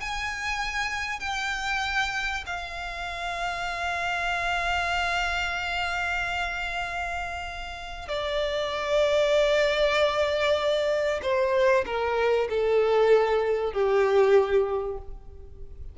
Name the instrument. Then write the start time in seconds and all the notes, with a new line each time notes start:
violin
0.00 G#5
1.20 G5
2.46 F5
8.08 D5
11.22 C5
11.86 A#4
12.49 A4
13.73 G4